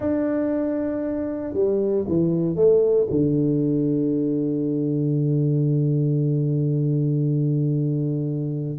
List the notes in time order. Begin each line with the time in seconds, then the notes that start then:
0.00 D4
1.53 G3
2.07 E3
2.55 A3
3.10 D3